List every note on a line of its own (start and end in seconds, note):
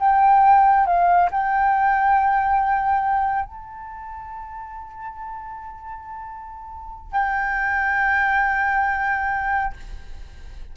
0.00 0.87 G5
0.87 1.30 F5
1.32 3.45 G5
3.45 7.13 A5
7.13 9.74 G5